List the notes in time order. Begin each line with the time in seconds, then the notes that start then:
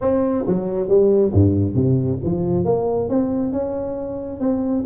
0.01 C4
0.46 F#3
0.88 G3
1.33 G2
1.74 C3
2.23 F3
2.65 A#3
3.09 C4
3.52 C#4
4.40 C4